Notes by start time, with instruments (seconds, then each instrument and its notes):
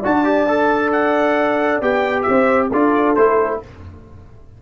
0.00 tuba D4, trombone F#4, horn D5, trumpet A5
0.24 trombone G4
0.48 trombone A4
0.92 trumpet F#5
1.81 tuba B3, trombone G4, trumpet G5
2.22 tuba C4, trumpet E5
2.30 horn C5
2.71 tuba D4, trombone F4, horn A4, trumpet D5
3.15 tuba A3, trombone E4, trumpet C5